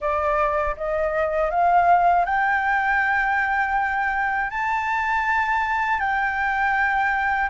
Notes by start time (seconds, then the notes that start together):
0.00 D5
0.76 D#5
1.50 F5
2.25 G5
4.50 A5
5.99 G5